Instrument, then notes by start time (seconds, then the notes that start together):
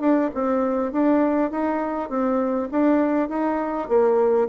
bassoon
0.00 D4
0.34 C4
0.92 D4
1.51 D#4
2.09 C4
2.71 D4
3.29 D#4
3.88 A#3